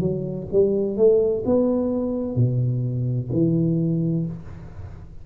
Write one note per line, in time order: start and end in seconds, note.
0.00 0.47 F#3
0.52 0.97 G3
0.97 1.44 A3
1.46 2.36 B3
2.36 3.29 B2
3.32 4.26 E3